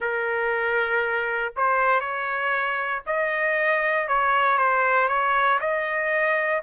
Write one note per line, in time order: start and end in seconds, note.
0.00 1.53 A#4
1.56 2.00 C5
2.00 3.02 C#5
3.06 4.07 D#5
4.07 4.58 C#5
4.58 5.08 C5
5.08 5.59 C#5
5.60 6.61 D#5